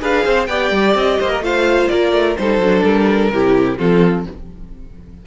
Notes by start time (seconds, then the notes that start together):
0.00 D4 G#4 B4 F5
0.25 C4 C5
0.46 B3 G4 D5 G5
0.71 G3
0.95 C4 D#5
1.20 A#3 C5
1.30 A#4
1.40 A3 F4 C5 F5
1.88 A#3 A#4 D5
2.12 A3
2.37 G3 D#4 A4 C5
2.59 F#3 D4
2.83 G3 A#4
3.31 C3 E4 G4
3.78 F3 C4 F4 A4